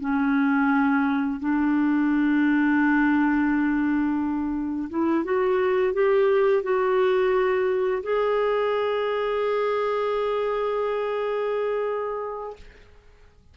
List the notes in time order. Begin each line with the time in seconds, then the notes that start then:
0.00 C#4
1.40 D4
4.90 E4
5.24 F#4
5.93 G4
6.63 F#4
8.03 G#4